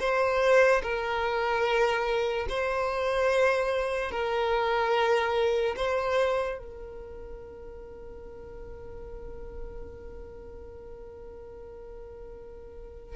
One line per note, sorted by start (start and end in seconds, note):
0.00 0.82 C5
0.83 2.47 A#4
2.49 4.11 C5
4.11 5.76 A#4
5.77 6.59 C5
6.59 13.16 A#4